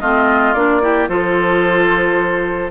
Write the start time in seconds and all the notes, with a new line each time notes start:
0.00 A3 C4 F4 D#5
0.54 A#3 D4 D5
0.82 E4 G4
1.09 F3 F4 A4 C5